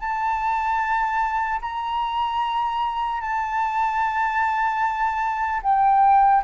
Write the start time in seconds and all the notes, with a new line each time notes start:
0.00 A5
1.61 A#5
3.21 A5
5.63 G5